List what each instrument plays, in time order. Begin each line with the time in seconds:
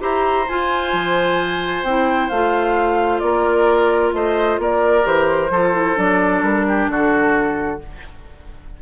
0.00 bassoon E4, clarinet G4, oboe C5, flute A#5
0.49 bassoon F4, clarinet F4, flute G#5
0.93 bassoon F3
1.83 bassoon C4, clarinet E4, flute G5
2.29 bassoon A3, clarinet F4, flute F5
3.19 bassoon A#3, oboe A#4, flute D5
4.13 bassoon A3, oboe C5, flute D#5
4.59 bassoon A#3, oboe A#4, flute D5
5.03 bassoon E3, clarinet G4, flute C5
5.50 bassoon F3, clarinet F4, oboe A4
5.74 clarinet E4
5.96 bassoon F#3, clarinet D4, flute D5
6.43 bassoon G3, flute A#4
6.68 oboe G4
6.88 bassoon D3, oboe F#4, flute A4